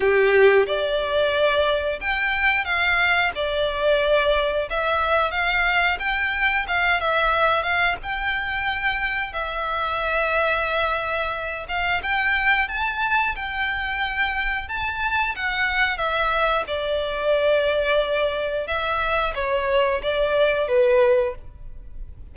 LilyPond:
\new Staff \with { instrumentName = "violin" } { \time 4/4 \tempo 4 = 90 g'4 d''2 g''4 | f''4 d''2 e''4 | f''4 g''4 f''8 e''4 f''8 | g''2 e''2~ |
e''4. f''8 g''4 a''4 | g''2 a''4 fis''4 | e''4 d''2. | e''4 cis''4 d''4 b'4 | }